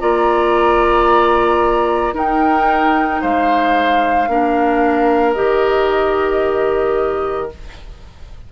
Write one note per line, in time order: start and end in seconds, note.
0.00 2.14 A#3
0.00 2.14 F4
0.00 2.15 D5
0.00 2.14 A#5
2.14 3.21 D#4
2.14 4.28 D#4
2.14 3.22 A#4
2.14 3.22 G5
3.22 4.28 G#3
3.22 4.29 C5
3.22 5.34 F5
4.28 5.35 A#3
4.28 5.35 D4
4.28 7.52 A#4
5.34 7.52 D#3
5.34 7.50 G4
5.34 7.48 D#5